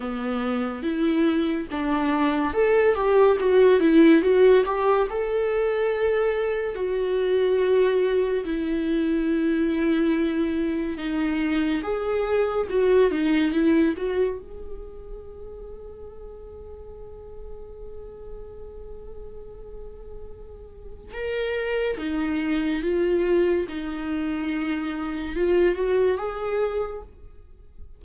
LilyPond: \new Staff \with { instrumentName = "viola" } { \time 4/4 \tempo 4 = 71 b4 e'4 d'4 a'8 g'8 | fis'8 e'8 fis'8 g'8 a'2 | fis'2 e'2~ | e'4 dis'4 gis'4 fis'8 dis'8 |
e'8 fis'8 gis'2.~ | gis'1~ | gis'4 ais'4 dis'4 f'4 | dis'2 f'8 fis'8 gis'4 | }